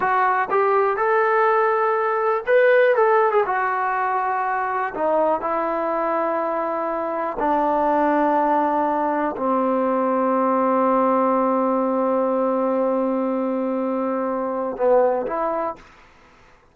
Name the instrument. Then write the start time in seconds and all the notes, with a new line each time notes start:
trombone
0.00 F#4
0.50 G4
0.97 A4
2.46 B4
2.95 A4
3.31 G#4
3.46 F#4
4.94 D#4
5.40 E4
7.39 D4
9.36 C4
14.76 B3
15.26 E4